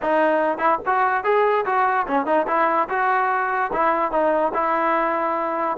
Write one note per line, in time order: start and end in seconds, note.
0.02 0.58 D#4
0.58 0.78 E4
0.86 1.24 F#4
1.24 1.65 G#4
1.65 2.06 F#4
2.07 2.25 C#4
2.25 2.46 D#4
2.47 2.88 E4
2.89 3.71 F#4
3.72 4.11 E4
4.11 4.52 D#4
4.54 5.77 E4